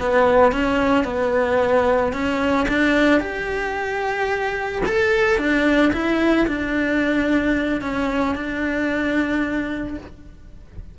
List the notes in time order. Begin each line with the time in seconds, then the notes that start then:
0.00 B3
0.53 C#4
1.05 B3
2.13 C#4
2.69 D4
3.21 G4
4.86 A4
5.38 D4
5.93 E4
6.48 D4
7.82 C#4
8.36 D4